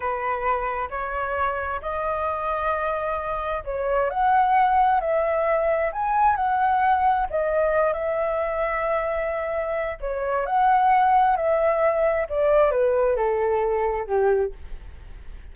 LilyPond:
\new Staff \with { instrumentName = "flute" } { \time 4/4 \tempo 4 = 132 b'2 cis''2 | dis''1 | cis''4 fis''2 e''4~ | e''4 gis''4 fis''2 |
dis''4. e''2~ e''8~ | e''2 cis''4 fis''4~ | fis''4 e''2 d''4 | b'4 a'2 g'4 | }